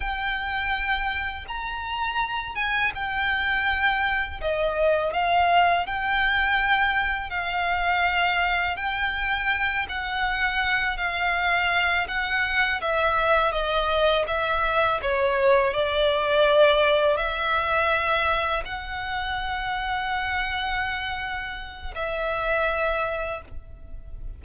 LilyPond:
\new Staff \with { instrumentName = "violin" } { \time 4/4 \tempo 4 = 82 g''2 ais''4. gis''8 | g''2 dis''4 f''4 | g''2 f''2 | g''4. fis''4. f''4~ |
f''8 fis''4 e''4 dis''4 e''8~ | e''8 cis''4 d''2 e''8~ | e''4. fis''2~ fis''8~ | fis''2 e''2 | }